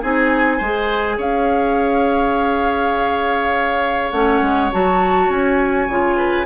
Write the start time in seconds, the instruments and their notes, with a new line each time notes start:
0.00 bassoon C4, clarinet D#4, oboe G#4, flute G#5
0.58 bassoon G#3, clarinet G#4, oboe C5
1.18 bassoon C#4, oboe C#5, flute F5
4.12 bassoon A3, clarinet C#4, flute F#5
4.42 bassoon G#3
4.72 bassoon F#3, clarinet F#4, flute A5
5.29 bassoon C#4, flute G#5
5.89 bassoon C#3, clarinet F4
6.17 oboe B4